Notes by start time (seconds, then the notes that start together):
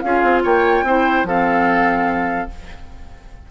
0.00 C#4 F4 G#4 F5
0.23 C4
0.43 A#3 C#5 G5
0.83 C4 E4 C5
1.23 F3 C4 A4 F5